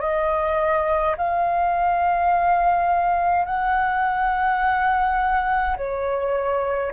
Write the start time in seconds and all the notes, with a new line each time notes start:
0.00 D#5
1.17 F5
3.46 F#5
5.76 C#5